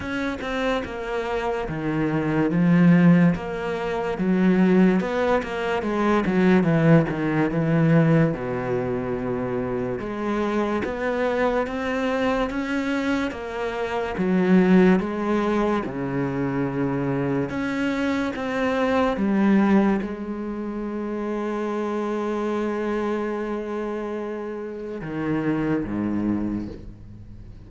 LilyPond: \new Staff \with { instrumentName = "cello" } { \time 4/4 \tempo 4 = 72 cis'8 c'8 ais4 dis4 f4 | ais4 fis4 b8 ais8 gis8 fis8 | e8 dis8 e4 b,2 | gis4 b4 c'4 cis'4 |
ais4 fis4 gis4 cis4~ | cis4 cis'4 c'4 g4 | gis1~ | gis2 dis4 gis,4 | }